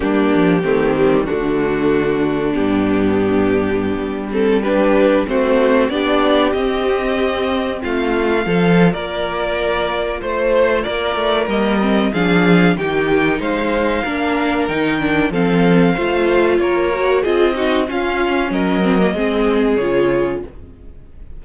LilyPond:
<<
  \new Staff \with { instrumentName = "violin" } { \time 4/4 \tempo 4 = 94 g'2 fis'2 | g'2~ g'8. a'8 b'8.~ | b'16 c''4 d''4 dis''4.~ dis''16~ | dis''16 f''4.~ f''16 d''2 |
c''4 d''4 dis''4 f''4 | g''4 f''2 g''4 | f''2 cis''4 dis''4 | f''4 dis''2 cis''4 | }
  \new Staff \with { instrumentName = "violin" } { \time 4/4 d'4 c'4 d'2~ | d'2.~ d'16 g'8.~ | g'16 fis'4 g'2~ g'8.~ | g'16 f'4 a'8. ais'2 |
c''4 ais'2 gis'4 | g'4 c''4 ais'2 | a'4 c''4 ais'4 gis'8 fis'8 | f'4 ais'4 gis'2 | }
  \new Staff \with { instrumentName = "viola" } { \time 4/4 ais4 a8 g8 a2 | b2~ b8. c'8 d'8.~ | d'16 c'4 d'4 c'4.~ c'16~ | c'4~ c'16 f'2~ f'8.~ |
f'2 ais8 c'8 d'4 | dis'2 d'4 dis'8 d'8 | c'4 f'4. fis'8 f'8 dis'8 | cis'4. c'16 ais16 c'4 f'4 | }
  \new Staff \with { instrumentName = "cello" } { \time 4/4 g8 f8 dis4 d2 | g,2~ g,16 g4.~ g16~ | g16 a4 b4 c'4.~ c'16~ | c'16 a4 f8. ais2 |
a4 ais8 a8 g4 f4 | dis4 gis4 ais4 dis4 | f4 a4 ais4 c'4 | cis'4 fis4 gis4 cis4 | }
>>